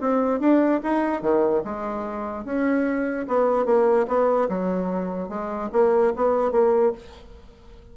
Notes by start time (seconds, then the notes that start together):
0.00 C4
0.40 D4
0.83 D#4
1.22 D#3
1.64 G#3
2.45 C#4
3.27 B3
3.65 A#3
4.07 B3
4.48 F#3
5.29 G#3
5.72 A#3
6.16 B3
6.51 A#3